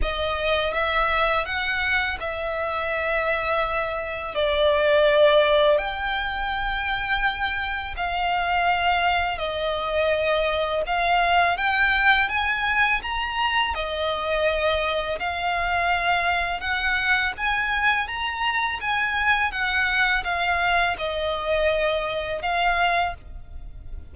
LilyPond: \new Staff \with { instrumentName = "violin" } { \time 4/4 \tempo 4 = 83 dis''4 e''4 fis''4 e''4~ | e''2 d''2 | g''2. f''4~ | f''4 dis''2 f''4 |
g''4 gis''4 ais''4 dis''4~ | dis''4 f''2 fis''4 | gis''4 ais''4 gis''4 fis''4 | f''4 dis''2 f''4 | }